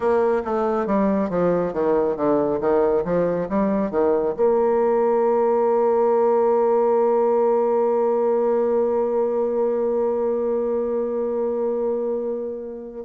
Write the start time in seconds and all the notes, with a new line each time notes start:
0.00 A#3
0.45 A3
0.86 G3
1.29 F3
1.73 D#3
2.16 D3
2.60 D#3
3.04 F3
3.49 G3
3.91 D#3
4.36 A#3